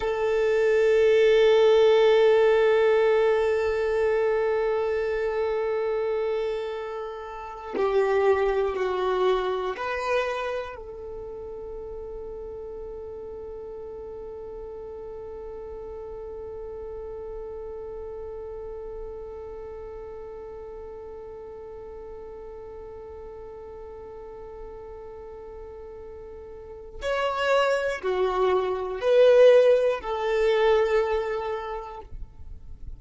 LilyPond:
\new Staff \with { instrumentName = "violin" } { \time 4/4 \tempo 4 = 60 a'1~ | a'2.~ a'8. g'16~ | g'8. fis'4 b'4 a'4~ a'16~ | a'1~ |
a'1~ | a'1~ | a'2. cis''4 | fis'4 b'4 a'2 | }